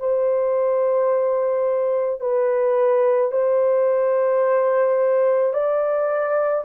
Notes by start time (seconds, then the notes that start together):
0.00 C5
2.21 B4
3.32 C5
5.54 D5